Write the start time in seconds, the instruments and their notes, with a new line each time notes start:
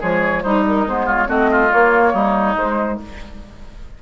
0.00 bassoon F3, clarinet G#3, oboe G#4, flute C#5
0.43 bassoon G3, oboe D#4, clarinet D#4, flute C5
0.67 flute A#4
0.87 bassoon G#3, clarinet B3, flute C5
1.06 oboe F4, flute C#5
1.27 bassoon A3, clarinet C4, oboe F#4, flute D#5
1.52 oboe F4
1.71 clarinet A#3, bassoon A#3, flute C#5
2.14 bassoon G3, oboe D#4
2.56 bassoon G#3, clarinet G#3, flute C5